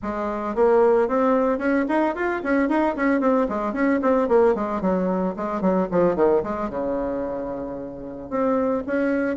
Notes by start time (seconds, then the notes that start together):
0.02 G#3
0.55 A#3
1.08 C4
1.58 C#4
1.88 D#4
2.15 F4
2.43 C#4
2.68 D#4
2.96 C#4
3.20 C4
3.48 G#3
3.73 C#4
4.02 C4
4.28 A#3
4.55 G#3
4.81 F#3
5.36 G#3
5.61 F#3
5.91 F3
6.15 D#3
6.43 G#3
6.69 C#3
8.30 C4
8.86 C#4